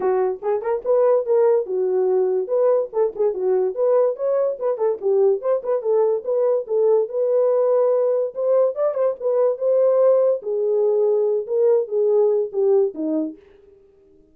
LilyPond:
\new Staff \with { instrumentName = "horn" } { \time 4/4 \tempo 4 = 144 fis'4 gis'8 ais'8 b'4 ais'4 | fis'2 b'4 a'8 gis'8 | fis'4 b'4 cis''4 b'8 a'8 | g'4 c''8 b'8 a'4 b'4 |
a'4 b'2. | c''4 d''8 c''8 b'4 c''4~ | c''4 gis'2~ gis'8 ais'8~ | ais'8 gis'4. g'4 dis'4 | }